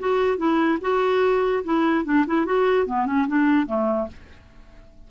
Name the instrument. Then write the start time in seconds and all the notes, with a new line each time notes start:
clarinet
0.00 F#4
0.38 E4
0.82 F#4
1.64 E4
2.05 D4
2.27 E4
2.46 F#4
2.87 B3
3.07 C#4
3.28 D4
3.67 A3